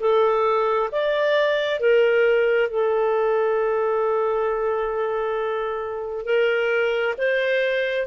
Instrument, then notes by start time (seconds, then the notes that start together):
clarinet
0.00 A4
0.92 D5
1.80 A#4
2.69 A4
6.25 A#4
7.18 C5